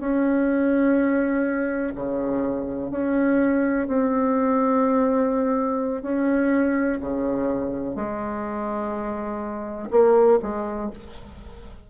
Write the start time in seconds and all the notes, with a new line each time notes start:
0.00 C#4
1.96 C#3
2.91 C#4
3.88 C4
6.03 C#4
7.01 C#3
7.96 G#3
9.91 A#3
10.43 G#3